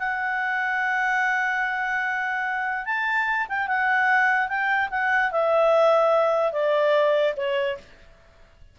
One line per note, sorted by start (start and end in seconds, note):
0.00 2.86 F#5
2.86 3.47 A5
3.49 3.68 G5
3.68 4.49 F#5
4.49 4.90 G5
4.91 5.32 F#5
5.32 6.53 E5
6.53 7.35 D5
7.37 7.78 C#5